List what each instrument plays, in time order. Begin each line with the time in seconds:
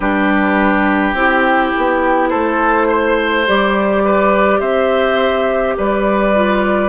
0.00 bassoon G3, clarinet D4, oboe G4, flute B4
1.13 bassoon C4, clarinet E4, flute G4
1.77 bassoon B3
2.29 bassoon A3, oboe A4, flute C5
2.87 oboe C5
3.46 bassoon G3, clarinet G4, flute D5
4.04 oboe B4
4.59 bassoon C4, oboe C5, flute E5
5.77 bassoon G3, oboe B4, flute D5
6.34 clarinet F4